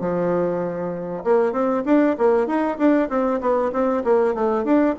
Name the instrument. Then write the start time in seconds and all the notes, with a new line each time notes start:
bassoon
0.00 F3
1.24 A#3
1.52 C4
1.86 D4
2.18 A#3
2.47 D#4
2.78 D4
3.10 C4
3.41 B3
3.73 C4
4.04 A#3
4.35 A3
4.65 D4